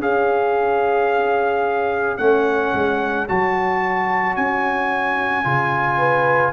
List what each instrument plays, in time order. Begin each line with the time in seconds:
0.00 tuba C#4, trombone G#4, horn C#5, trumpet F5
2.17 tuba A3, trombone C#4, trumpet F#5
2.74 tuba G#3
3.28 tuba F#3, trombone F#4, trumpet A5
4.36 tuba C#4, trumpet G#5
5.44 tuba C#3, trombone F4
5.97 horn B4